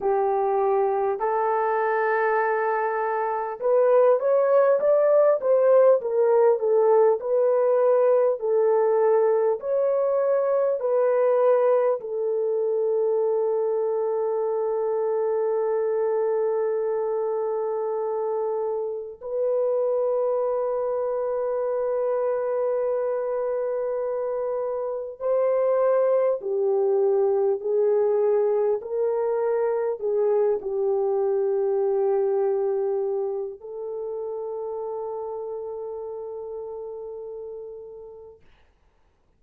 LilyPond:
\new Staff \with { instrumentName = "horn" } { \time 4/4 \tempo 4 = 50 g'4 a'2 b'8 cis''8 | d''8 c''8 ais'8 a'8 b'4 a'4 | cis''4 b'4 a'2~ | a'1 |
b'1~ | b'4 c''4 g'4 gis'4 | ais'4 gis'8 g'2~ g'8 | a'1 | }